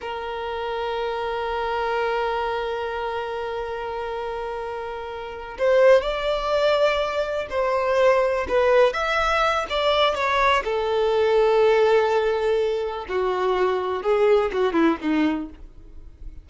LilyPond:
\new Staff \with { instrumentName = "violin" } { \time 4/4 \tempo 4 = 124 ais'1~ | ais'1~ | ais'2.~ ais'8 c''8~ | c''8 d''2. c''8~ |
c''4. b'4 e''4. | d''4 cis''4 a'2~ | a'2. fis'4~ | fis'4 gis'4 fis'8 e'8 dis'4 | }